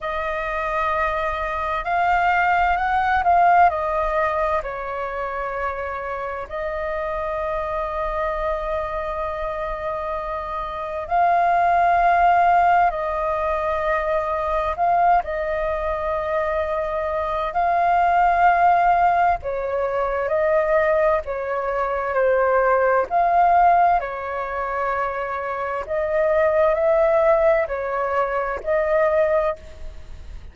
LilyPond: \new Staff \with { instrumentName = "flute" } { \time 4/4 \tempo 4 = 65 dis''2 f''4 fis''8 f''8 | dis''4 cis''2 dis''4~ | dis''1 | f''2 dis''2 |
f''8 dis''2~ dis''8 f''4~ | f''4 cis''4 dis''4 cis''4 | c''4 f''4 cis''2 | dis''4 e''4 cis''4 dis''4 | }